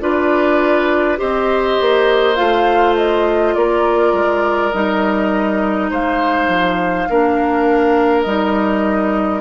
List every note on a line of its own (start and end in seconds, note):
0.00 1.18 D4
0.00 1.17 F4
0.00 1.19 B4
0.00 1.19 D5
1.17 1.79 C4
1.17 2.35 G4
1.17 3.54 C5
1.17 2.35 D#5
1.80 2.38 A#3
2.35 3.55 A3
2.35 4.70 F4
2.35 2.94 F5
2.95 3.54 D#5
3.54 4.13 A#3
3.54 5.90 A#4
3.54 4.72 D5
4.13 4.72 G#3
4.72 5.91 G3
4.72 7.09 D#4
4.72 5.89 D#5
5.90 6.48 G#3
5.90 7.08 C5
5.90 8.23 F5
6.48 7.06 F3
7.09 8.25 A#3
7.09 8.26 D4
7.09 9.40 A#4
8.23 9.40 G3
8.23 9.40 D#4
8.23 9.40 D#5